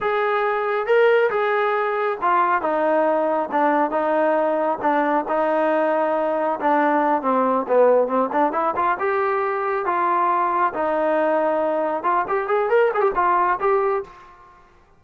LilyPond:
\new Staff \with { instrumentName = "trombone" } { \time 4/4 \tempo 4 = 137 gis'2 ais'4 gis'4~ | gis'4 f'4 dis'2 | d'4 dis'2 d'4 | dis'2. d'4~ |
d'8 c'4 b4 c'8 d'8 e'8 | f'8 g'2 f'4.~ | f'8 dis'2. f'8 | g'8 gis'8 ais'8 gis'16 g'16 f'4 g'4 | }